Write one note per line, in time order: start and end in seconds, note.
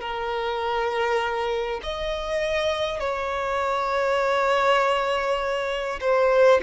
0.00 1.80 A#4
1.83 2.99 D#5
2.99 5.99 C#5
6.00 6.60 C5